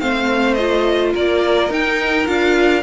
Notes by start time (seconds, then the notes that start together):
0.00 A3 C4 C5 F5
0.54 F4 D#5
1.13 A#3 A#4 D5
1.70 D#4 G5
2.26 D4 F4 F5